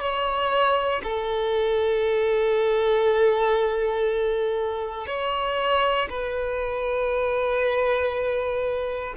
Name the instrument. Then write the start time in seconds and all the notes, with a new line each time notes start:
violin
0.00 C#5
1.04 A4
5.07 C#5
6.09 B4